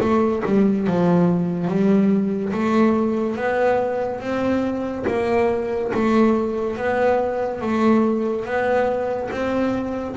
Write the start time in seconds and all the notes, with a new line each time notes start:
0.00 A3
0.45 G3
0.87 F3
1.67 G3
2.53 A3
3.36 B3
4.20 C4
5.07 A#3
5.93 A3
6.76 B3
7.61 A3
8.45 B3
9.31 C4